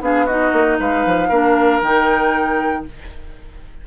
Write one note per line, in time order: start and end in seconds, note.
0.00 0.52 B3
0.00 0.27 D4
0.00 0.25 G#4
0.00 0.27 F5
0.25 1.30 D#4
0.25 0.77 F#4
0.25 0.78 D#5
0.52 0.78 A#3
0.79 1.05 G#3
0.79 1.28 B4
0.79 1.82 F5
1.05 1.30 F3
1.28 1.81 A#3
1.28 1.82 D4
1.28 2.84 A#4
1.81 2.85 D#3
1.81 2.86 D#4
1.81 2.85 G5